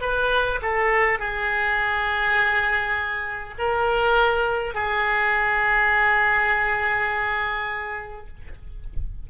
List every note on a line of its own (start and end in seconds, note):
0.00 0.59 B4
0.61 1.19 A4
1.19 3.54 G#4
3.58 4.74 A#4
4.74 8.27 G#4